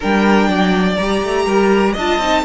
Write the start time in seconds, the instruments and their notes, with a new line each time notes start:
0.00 cello G3, viola D4, violin A#4 G5
0.47 cello F#3, violin D5
0.96 cello G3, viola G4, violin A#5
1.23 cello A3
1.45 cello G3, violin A#4
1.92 cello D4, violin D#5 A5
1.99 viola F4
2.17 cello C4, viola D#4